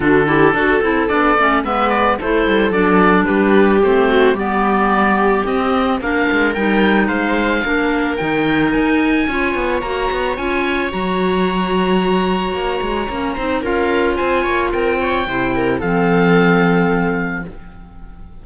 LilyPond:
<<
  \new Staff \with { instrumentName = "oboe" } { \time 4/4 \tempo 4 = 110 a'2 d''4 e''8 d''8 | c''4 d''4 b'4 c''4 | d''2 dis''4 f''4 | g''4 f''2 g''4 |
gis''2 ais''4 gis''4 | ais''1~ | ais''4 f''4 gis''4 g''4~ | g''4 f''2. | }
  \new Staff \with { instrumentName = "viola" } { \time 4/4 fis'8 g'8 a'2 b'4 | a'2 g'4. fis'8 | g'2. ais'4~ | ais'4 c''4 ais'2~ |
ais'4 cis''2.~ | cis''1~ | cis''8 c''8 ais'4 c''8 cis''8 ais'8 cis''8 | c''8 ais'8 a'2. | }
  \new Staff \with { instrumentName = "clarinet" } { \time 4/4 d'8 e'8 fis'8 e'8 d'8 cis'8 b4 | e'4 d'2 c'4 | b2 c'4 d'4 | dis'2 d'4 dis'4~ |
dis'4 f'4 fis'4 f'4 | fis'1 | cis'8 dis'8 f'2. | e'4 c'2. | }
  \new Staff \with { instrumentName = "cello" } { \time 4/4 d4 d'8 c'8 b8 a8 gis4 | a8 g8 fis4 g4 a4 | g2 c'4 ais8 gis8 | g4 gis4 ais4 dis4 |
dis'4 cis'8 b8 ais8 b8 cis'4 | fis2. ais8 gis8 | ais8 c'8 cis'4 c'8 ais8 c'4 | c4 f2. | }
>>